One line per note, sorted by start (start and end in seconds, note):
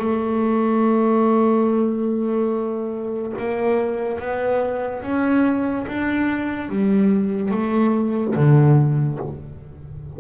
0.00 3.33 A3
3.39 4.20 A#3
4.20 5.03 B3
5.03 5.86 C#4
5.88 6.69 D4
6.69 7.51 G3
7.51 8.34 A3
8.36 9.19 D3